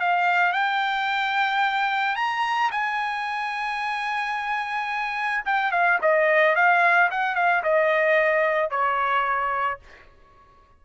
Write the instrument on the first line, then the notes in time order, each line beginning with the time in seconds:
trumpet
0.00 F5
0.53 G5
2.16 A#5
2.71 G#5
5.45 G5
5.71 F5
6.02 D#5
6.56 F5
7.11 F#5
7.35 F5
7.63 D#5
8.70 C#5